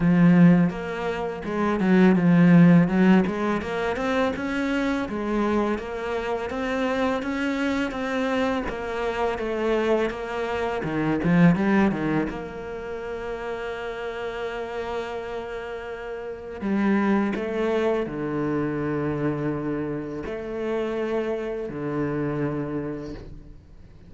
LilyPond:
\new Staff \with { instrumentName = "cello" } { \time 4/4 \tempo 4 = 83 f4 ais4 gis8 fis8 f4 | fis8 gis8 ais8 c'8 cis'4 gis4 | ais4 c'4 cis'4 c'4 | ais4 a4 ais4 dis8 f8 |
g8 dis8 ais2.~ | ais2. g4 | a4 d2. | a2 d2 | }